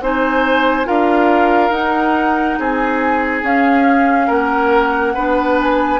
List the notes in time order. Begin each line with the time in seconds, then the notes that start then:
0.00 C4 D#4 C5 G#5
0.84 D4 F4 A#4 F5
1.70 D#4 F#5
2.59 C4 G#4 G#5
3.42 C#4 F5
4.27 A#3 A#4 F#5
5.14 B3 D4 B4
5.61 G#5